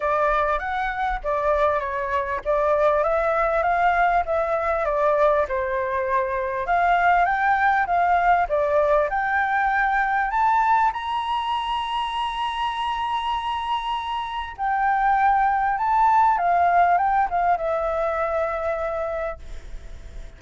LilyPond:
\new Staff \with { instrumentName = "flute" } { \time 4/4 \tempo 4 = 99 d''4 fis''4 d''4 cis''4 | d''4 e''4 f''4 e''4 | d''4 c''2 f''4 | g''4 f''4 d''4 g''4~ |
g''4 a''4 ais''2~ | ais''1 | g''2 a''4 f''4 | g''8 f''8 e''2. | }